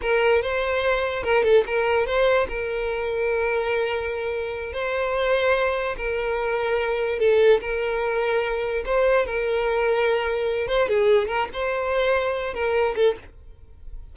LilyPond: \new Staff \with { instrumentName = "violin" } { \time 4/4 \tempo 4 = 146 ais'4 c''2 ais'8 a'8 | ais'4 c''4 ais'2~ | ais'2.~ ais'8 c''8~ | c''2~ c''8 ais'4.~ |
ais'4. a'4 ais'4.~ | ais'4. c''4 ais'4.~ | ais'2 c''8 gis'4 ais'8 | c''2~ c''8 ais'4 a'8 | }